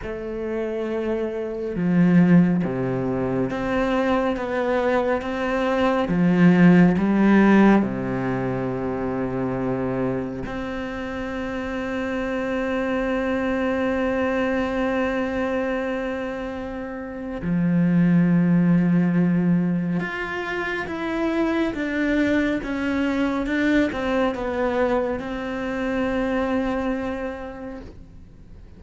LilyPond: \new Staff \with { instrumentName = "cello" } { \time 4/4 \tempo 4 = 69 a2 f4 c4 | c'4 b4 c'4 f4 | g4 c2. | c'1~ |
c'1 | f2. f'4 | e'4 d'4 cis'4 d'8 c'8 | b4 c'2. | }